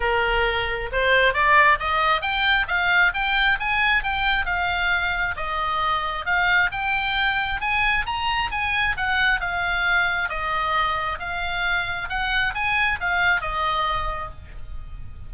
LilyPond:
\new Staff \with { instrumentName = "oboe" } { \time 4/4 \tempo 4 = 134 ais'2 c''4 d''4 | dis''4 g''4 f''4 g''4 | gis''4 g''4 f''2 | dis''2 f''4 g''4~ |
g''4 gis''4 ais''4 gis''4 | fis''4 f''2 dis''4~ | dis''4 f''2 fis''4 | gis''4 f''4 dis''2 | }